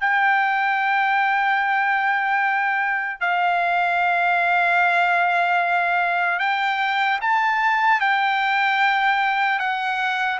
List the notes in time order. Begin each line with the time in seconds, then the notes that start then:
0.00 G5
3.20 F5
6.39 G5
7.21 A5
8.00 G5
9.59 F#5